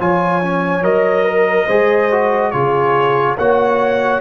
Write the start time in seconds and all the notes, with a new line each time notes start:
0.00 F3 F4 C#5 G#5
0.42 C#4
0.82 F#3 A#4 D#5
1.25 A#4
1.67 G#3 G#4 C5
2.11 F#4
2.51 C#3 F4 G#4 C#5
3.38 A#3 F#4 C#5 F#5